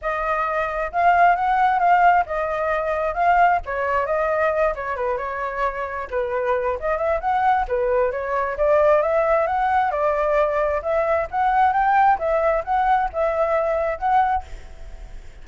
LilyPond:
\new Staff \with { instrumentName = "flute" } { \time 4/4 \tempo 4 = 133 dis''2 f''4 fis''4 | f''4 dis''2 f''4 | cis''4 dis''4. cis''8 b'8 cis''8~ | cis''4. b'4. dis''8 e''8 |
fis''4 b'4 cis''4 d''4 | e''4 fis''4 d''2 | e''4 fis''4 g''4 e''4 | fis''4 e''2 fis''4 | }